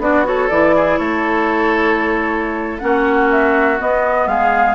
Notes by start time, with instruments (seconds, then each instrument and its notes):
0.00 bassoon B3, clarinet D4, oboe F#4, flute D5
0.24 clarinet F#4, oboe A4, flute C#5
0.49 bassoon E3, clarinet E4, flute D5
0.76 oboe G#4
0.97 bassoon A3, oboe A4, flute C#5
2.79 bassoon A#3, clarinet C#4, oboe F#4, flute F#5
3.31 flute E5
3.79 clarinet B3, bassoon B3, flute D#5
4.27 bassoon G#3, oboe G#4, flute F5